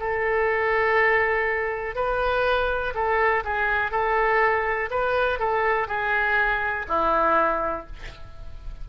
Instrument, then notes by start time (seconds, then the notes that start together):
oboe
0.00 A4
1.96 B4
2.95 A4
3.45 G#4
3.92 A4
4.91 B4
5.40 A4
5.88 G#4
6.89 E4